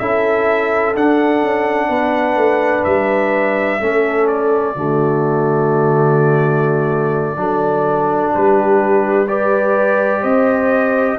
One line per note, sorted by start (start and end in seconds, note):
0.00 0.96 C#4
0.00 0.95 E4
0.00 1.89 A4
0.00 0.95 E5
0.96 1.43 D4
0.96 3.81 D4
0.96 2.85 F#5
1.43 1.89 C#4
1.89 2.37 B3
1.89 3.80 B4
2.37 2.84 A3
2.85 3.82 G3
2.85 4.28 E5
3.81 4.76 A3
3.81 4.76 C#4
3.81 4.76 A4
4.28 8.33 D5
4.76 7.37 D3
4.76 7.37 A3
4.76 7.38 F#4
7.37 8.33 F#3
7.37 9.27 D4
7.37 8.34 A4
8.34 10.24 G3
8.34 9.29 G4
8.34 9.28 B4
9.28 11.19 G4
9.28 10.21 B4
9.28 10.24 D5
10.21 11.19 C4
10.21 11.16 C5
10.21 11.19 D#5